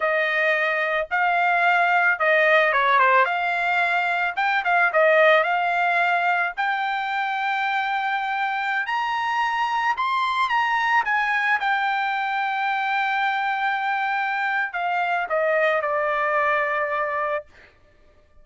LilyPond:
\new Staff \with { instrumentName = "trumpet" } { \time 4/4 \tempo 4 = 110 dis''2 f''2 | dis''4 cis''8 c''8 f''2 | g''8 f''8 dis''4 f''2 | g''1~ |
g''16 ais''2 c'''4 ais''8.~ | ais''16 gis''4 g''2~ g''8.~ | g''2. f''4 | dis''4 d''2. | }